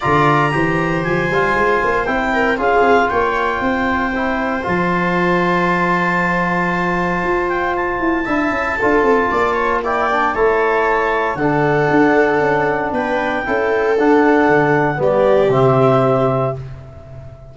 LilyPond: <<
  \new Staff \with { instrumentName = "clarinet" } { \time 4/4 \tempo 4 = 116 ais''2 gis''2 | g''4 f''4 g''2~ | g''4 a''2.~ | a''2~ a''8 g''8 a''4~ |
a''2. g''4 | a''2 fis''2~ | fis''4 g''2 fis''4~ | fis''4 d''4 e''2 | }
  \new Staff \with { instrumentName = "viola" } { \time 4/4 d''4 c''2.~ | c''8 ais'8 gis'4 cis''4 c''4~ | c''1~ | c''1 |
e''4 a'4 d''8 cis''8 d''4 | cis''2 a'2~ | a'4 b'4 a'2~ | a'4 g'2. | }
  \new Staff \with { instrumentName = "trombone" } { \time 4/4 f'4 g'4. f'4. | e'4 f'2. | e'4 f'2.~ | f'1 |
e'4 f'2 e'8 d'8 | e'2 d'2~ | d'2 e'4 d'4~ | d'4 b4 c'2 | }
  \new Staff \with { instrumentName = "tuba" } { \time 4/4 d4 e4 f8 g8 gis8 ais8 | c'4 cis'8 c'8 ais4 c'4~ | c'4 f2.~ | f2 f'4. e'8 |
d'8 cis'8 d'8 c'8 ais2 | a2 d4 d'4 | cis'4 b4 cis'4 d'4 | d4 g4 c2 | }
>>